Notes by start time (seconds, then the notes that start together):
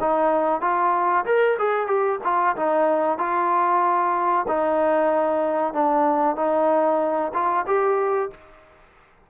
0.00 D#4
0.61 F4
1.25 A#4
1.58 G#4
1.87 G4
2.23 F4
2.56 D#4
3.18 F4
4.47 D#4
5.73 D4
6.36 D#4
7.33 F4
7.66 G4